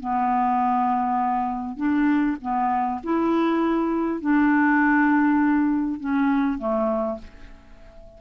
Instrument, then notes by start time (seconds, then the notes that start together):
clarinet
0.00 B3
1.77 D4
2.42 B3
3.04 E4
4.21 D4
6.00 C#4
6.59 A3